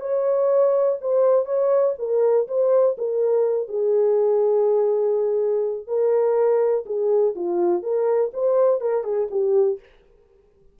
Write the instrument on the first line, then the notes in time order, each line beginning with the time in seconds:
horn
0.00 C#5
1.01 C5
1.45 C#5
1.98 A#4
2.48 C5
2.98 A#4
3.68 G#4
5.87 A#4
6.86 G#4
7.35 F4
7.82 A#4
8.33 C5
8.80 A#4
9.03 G#4
9.30 G4